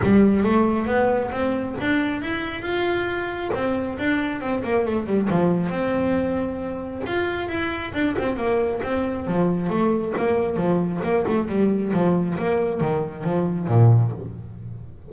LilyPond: \new Staff \with { instrumentName = "double bass" } { \time 4/4 \tempo 4 = 136 g4 a4 b4 c'4 | d'4 e'4 f'2 | c'4 d'4 c'8 ais8 a8 g8 | f4 c'2. |
f'4 e'4 d'8 c'8 ais4 | c'4 f4 a4 ais4 | f4 ais8 a8 g4 f4 | ais4 dis4 f4 ais,4 | }